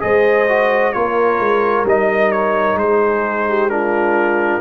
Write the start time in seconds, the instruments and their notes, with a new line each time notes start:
0.00 tuba G#3, trombone G#4, horn C5, trumpet D#5
0.48 trombone F#4
0.93 tuba A#3, trombone F4, horn A#4, trumpet C#5
1.40 tuba G#3
1.84 tuba G3, trombone D#4, trumpet D#5
2.32 trumpet C#5
2.75 tuba G#3, trumpet C5
2.82 horn G#4
3.49 horn G4
3.69 trombone D4, horn F4, trumpet A#4